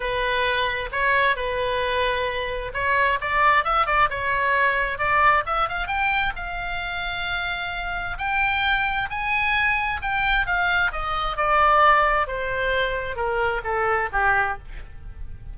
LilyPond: \new Staff \with { instrumentName = "oboe" } { \time 4/4 \tempo 4 = 132 b'2 cis''4 b'4~ | b'2 cis''4 d''4 | e''8 d''8 cis''2 d''4 | e''8 f''8 g''4 f''2~ |
f''2 g''2 | gis''2 g''4 f''4 | dis''4 d''2 c''4~ | c''4 ais'4 a'4 g'4 | }